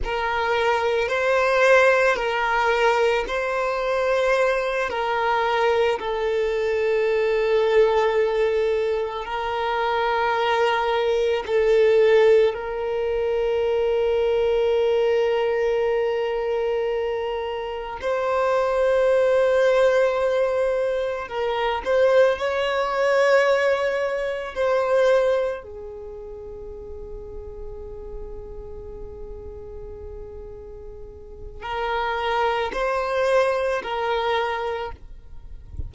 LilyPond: \new Staff \with { instrumentName = "violin" } { \time 4/4 \tempo 4 = 55 ais'4 c''4 ais'4 c''4~ | c''8 ais'4 a'2~ a'8~ | a'8 ais'2 a'4 ais'8~ | ais'1~ |
ais'8 c''2. ais'8 | c''8 cis''2 c''4 gis'8~ | gis'1~ | gis'4 ais'4 c''4 ais'4 | }